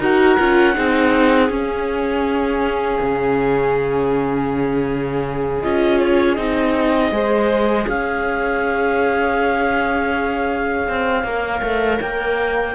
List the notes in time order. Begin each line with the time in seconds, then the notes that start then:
0.00 D#4 F#4 A#4 F#5
0.38 C#4 F4
0.74 C4 D#4 G#4
1.50 C#4 F5
3.02 C#3
5.62 C#4 F4 D#5
6.01 C#5
6.35 C4 D#4 D#5
7.12 G#3 G#4 C5
7.88 C#4 C#5 F5
10.89 C4
11.24 A#3 A#4
11.63 A3
12.01 A#3 G5